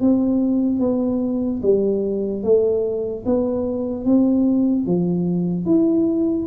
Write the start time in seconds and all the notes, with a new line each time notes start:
0.00 C4
0.80 B3
1.62 G3
2.43 A3
3.25 B3
4.05 C4
4.86 F3
5.65 E4